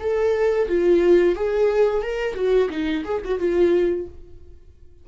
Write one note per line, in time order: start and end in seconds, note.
0.00 0.68 A4
0.68 1.35 F4
1.35 2.02 G#4
2.02 2.35 A#4
2.35 2.69 F#4
2.70 3.04 D#4
3.05 3.22 G#4
3.25 3.39 F#4
3.39 4.07 F4